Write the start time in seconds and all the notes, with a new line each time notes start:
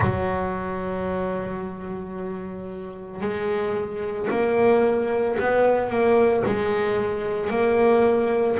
0.00 F#3
3.20 G#3
4.30 A#3
5.39 B3
5.89 A#3
6.46 G#3
7.50 A#3